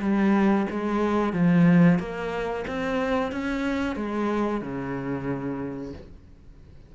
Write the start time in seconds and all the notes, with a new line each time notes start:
0.00 G3
0.70 G#3
1.33 F3
1.98 A#3
2.67 C4
3.31 C#4
3.96 G#3
4.61 C#3